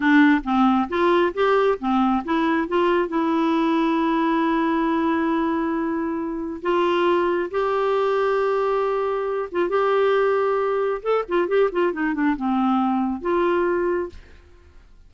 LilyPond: \new Staff \with { instrumentName = "clarinet" } { \time 4/4 \tempo 4 = 136 d'4 c'4 f'4 g'4 | c'4 e'4 f'4 e'4~ | e'1~ | e'2. f'4~ |
f'4 g'2.~ | g'4. f'8 g'2~ | g'4 a'8 f'8 g'8 f'8 dis'8 d'8 | c'2 f'2 | }